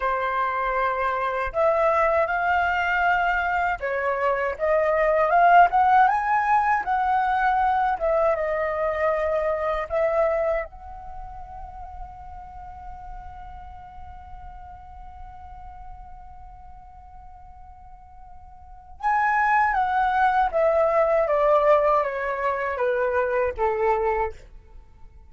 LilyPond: \new Staff \with { instrumentName = "flute" } { \time 4/4 \tempo 4 = 79 c''2 e''4 f''4~ | f''4 cis''4 dis''4 f''8 fis''8 | gis''4 fis''4. e''8 dis''4~ | dis''4 e''4 fis''2~ |
fis''1~ | fis''1~ | fis''4 gis''4 fis''4 e''4 | d''4 cis''4 b'4 a'4 | }